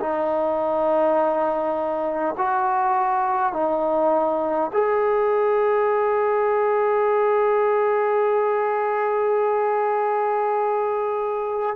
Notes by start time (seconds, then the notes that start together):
0.00 D#4
2.38 F#4
3.53 D#4
4.73 G#4